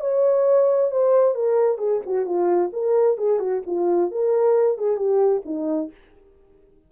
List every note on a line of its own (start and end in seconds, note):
0.00 0.91 C#5
0.91 1.35 C5
1.35 1.78 A#4
1.78 2.01 G#4
2.06 2.25 F#4
2.25 2.71 F4
2.73 3.17 A#4
3.17 3.39 G#4
3.39 3.62 F#4
3.66 4.11 F4
4.11 4.78 A#4
4.78 4.96 G#4
4.96 5.42 G4
5.45 5.91 D#4